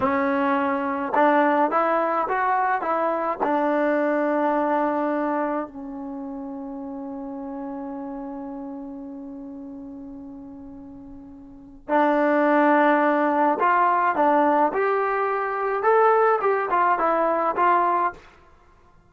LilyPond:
\new Staff \with { instrumentName = "trombone" } { \time 4/4 \tempo 4 = 106 cis'2 d'4 e'4 | fis'4 e'4 d'2~ | d'2 cis'2~ | cis'1~ |
cis'1~ | cis'4 d'2. | f'4 d'4 g'2 | a'4 g'8 f'8 e'4 f'4 | }